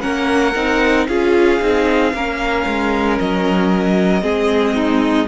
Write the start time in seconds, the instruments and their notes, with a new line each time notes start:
0.00 cello A#3, viola C#4, violin A#4 F#5
0.55 cello C4, viola D#4
1.07 cello C#4, viola F4, violin G#4 F5
1.60 cello C4, viola D#4
2.13 cello A#3, viola C#4, violin A#4
2.66 cello G#3
3.18 cello F#3, violin D#5
4.21 cello G#3, viola C4, violin G#4
4.75 violin D#4